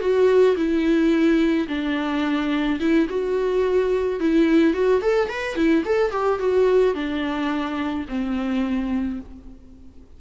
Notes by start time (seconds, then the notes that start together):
0.00 F#4
0.56 E4
1.68 D4
2.80 E4
3.09 F#4
4.20 E4
4.74 F#4
5.02 A4
5.29 B4
5.56 E4
5.85 A4
6.11 G4
6.39 F#4
6.94 D4
8.08 C4